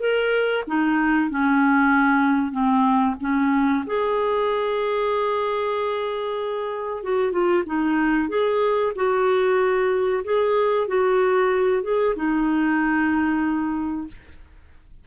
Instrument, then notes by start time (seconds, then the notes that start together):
clarinet
0.00 A#4
0.68 D#4
1.30 C#4
2.52 C4
3.21 C#4
3.87 G#4
7.04 F#4
7.32 F4
7.66 D#4
8.29 G#4
8.96 F#4
10.24 G#4
10.88 F#4
11.83 G#4
12.16 D#4